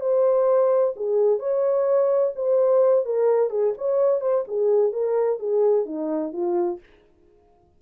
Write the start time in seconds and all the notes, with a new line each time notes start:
0.00 C5
0.96 G#4
1.39 C#5
2.35 C5
3.05 A#4
3.50 G#4
3.77 C#5
4.21 C5
4.47 G#4
4.92 A#4
5.39 G#4
5.86 D#4
6.32 F4